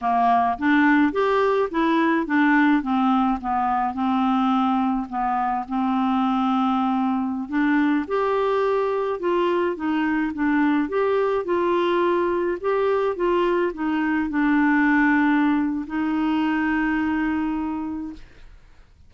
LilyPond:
\new Staff \with { instrumentName = "clarinet" } { \time 4/4 \tempo 4 = 106 ais4 d'4 g'4 e'4 | d'4 c'4 b4 c'4~ | c'4 b4 c'2~ | c'4~ c'16 d'4 g'4.~ g'16~ |
g'16 f'4 dis'4 d'4 g'8.~ | g'16 f'2 g'4 f'8.~ | f'16 dis'4 d'2~ d'8. | dis'1 | }